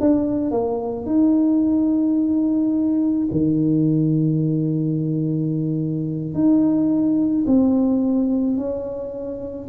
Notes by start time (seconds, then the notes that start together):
0.00 D4
0.51 A#3
1.06 D#4
3.31 D#3
6.34 D#4
7.46 C4
8.57 C#4